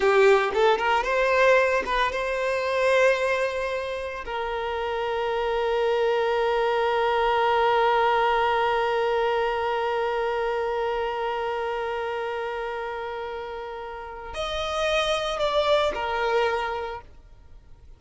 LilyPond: \new Staff \with { instrumentName = "violin" } { \time 4/4 \tempo 4 = 113 g'4 a'8 ais'8 c''4. b'8 | c''1 | ais'1~ | ais'1~ |
ais'1~ | ais'1~ | ais'2. dis''4~ | dis''4 d''4 ais'2 | }